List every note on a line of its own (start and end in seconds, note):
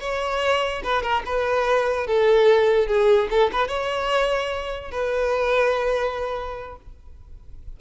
0.00 0.82 C#5
0.83 1.02 B4
1.02 1.23 A#4
1.26 2.07 B4
2.07 2.87 A4
2.87 3.28 G#4
3.30 3.51 A4
3.52 3.68 B4
3.68 4.91 C#5
4.91 6.76 B4